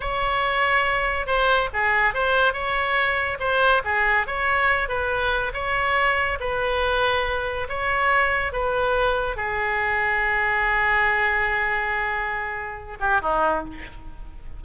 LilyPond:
\new Staff \with { instrumentName = "oboe" } { \time 4/4 \tempo 4 = 141 cis''2. c''4 | gis'4 c''4 cis''2 | c''4 gis'4 cis''4. b'8~ | b'4 cis''2 b'4~ |
b'2 cis''2 | b'2 gis'2~ | gis'1~ | gis'2~ gis'8 g'8 dis'4 | }